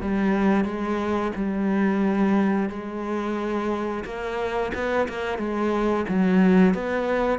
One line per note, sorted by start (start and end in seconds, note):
0.00 0.64 G3
0.64 1.31 G#3
1.35 2.69 G3
2.69 4.04 G#3
4.04 4.72 A#3
4.73 5.07 B3
5.08 5.37 A#3
5.37 6.05 G#3
6.08 6.74 F#3
6.74 7.39 B3